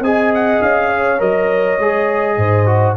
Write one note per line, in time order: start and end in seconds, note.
0.00 0.59 C4
0.00 1.19 G#4
0.00 0.88 D#5
0.00 0.33 G#5
0.34 0.62 F#5
0.62 1.20 C#4
0.62 1.21 F5
0.88 2.35 C#5
1.19 1.79 F#3
1.19 1.77 A#4
1.19 2.96 D#5
1.79 2.37 G#3
1.79 2.66 G#4
2.37 2.96 G#2
2.37 2.96 C5
2.66 2.95 F#4